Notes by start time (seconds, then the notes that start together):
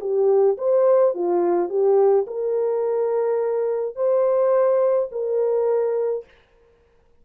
0.00 G4
0.57 C5
1.14 F4
1.69 G4
2.27 A#4
3.95 C5
5.11 A#4